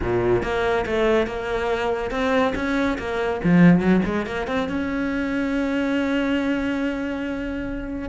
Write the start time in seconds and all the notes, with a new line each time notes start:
0.02 A#2
0.42 A#3
0.86 A3
1.26 A#3
2.10 C4
2.55 C#4
2.98 A#3
3.44 F3
3.79 F#3
4.05 G#3
4.26 A#3
4.47 C4
4.68 C#4